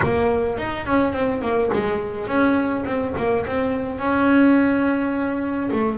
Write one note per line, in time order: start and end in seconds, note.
0.02 0.58 A#3
0.58 0.85 D#4
0.85 1.12 C#4
1.12 1.41 C4
1.41 1.70 A#3
1.73 2.27 G#3
2.27 2.84 C#4
2.85 3.14 C4
3.17 3.45 A#3
3.46 3.98 C4
3.98 5.70 C#4
5.71 5.98 A3